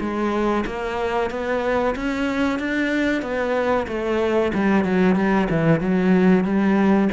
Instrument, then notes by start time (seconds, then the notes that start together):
cello
0.00 G#3
0.66 A#3
1.30 B3
1.96 C#4
2.59 D4
3.22 B3
3.88 A3
4.54 G3
4.84 F#3
5.16 G3
5.50 E3
5.80 F#3
6.44 G3